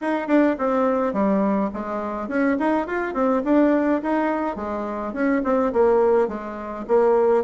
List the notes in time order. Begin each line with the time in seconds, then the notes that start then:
0.01 D#4
0.27 D4
0.58 C4
1.13 G3
1.73 G#3
2.28 C#4
2.59 D#4
2.86 F4
3.14 C4
3.44 D4
4.02 D#4
4.56 G#3
5.13 C#4
5.44 C4
5.72 A#3
6.28 G#3
6.87 A#3